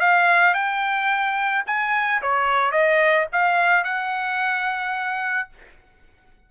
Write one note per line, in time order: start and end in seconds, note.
0.00 0.54 F5
0.54 1.64 G5
1.66 2.21 G#5
2.22 2.72 C#5
2.72 3.27 D#5
3.33 3.84 F5
3.84 5.49 F#5